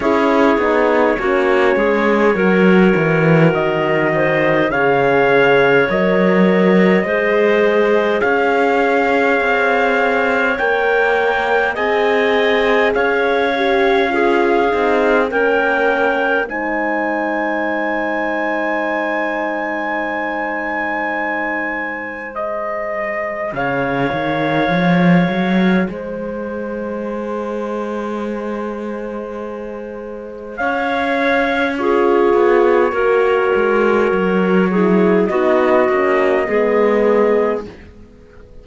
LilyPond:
<<
  \new Staff \with { instrumentName = "trumpet" } { \time 4/4 \tempo 4 = 51 cis''2. dis''4 | f''4 dis''2 f''4~ | f''4 g''4 gis''4 f''4~ | f''4 g''4 gis''2~ |
gis''2. dis''4 | f''2 dis''2~ | dis''2 f''4 cis''4~ | cis''2 dis''2 | }
  \new Staff \with { instrumentName = "clarinet" } { \time 4/4 gis'4 fis'8 gis'8 ais'4. c''8 | cis''2 c''4 cis''4~ | cis''2 dis''4 cis''4 | gis'4 ais'4 c''2~ |
c''1 | cis''2 c''2~ | c''2 cis''4 gis'4 | ais'4. gis'8 fis'4 gis'4 | }
  \new Staff \with { instrumentName = "horn" } { \time 4/4 e'8 dis'8 cis'4 fis'2 | gis'4 ais'4 gis'2~ | gis'4 ais'4 gis'4. g'8 | f'8 dis'8 cis'4 dis'2~ |
dis'2. gis'4~ | gis'1~ | gis'2. f'4 | fis'4. e'8 dis'8 cis'8 b4 | }
  \new Staff \with { instrumentName = "cello" } { \time 4/4 cis'8 b8 ais8 gis8 fis8 e8 dis4 | cis4 fis4 gis4 cis'4 | c'4 ais4 c'4 cis'4~ | cis'8 c'8 ais4 gis2~ |
gis1 | cis8 dis8 f8 fis8 gis2~ | gis2 cis'4. b8 | ais8 gis8 fis4 b8 ais8 gis4 | }
>>